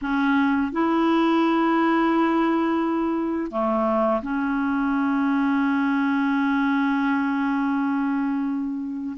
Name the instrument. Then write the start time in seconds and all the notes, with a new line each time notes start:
clarinet
0.01 C#4
0.72 E4
3.51 A3
4.22 C#4